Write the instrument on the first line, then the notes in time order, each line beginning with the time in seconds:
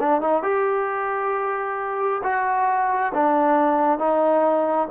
trombone
0.00 D4
0.21 D#4
0.43 G4
2.23 F#4
3.14 D4
3.99 D#4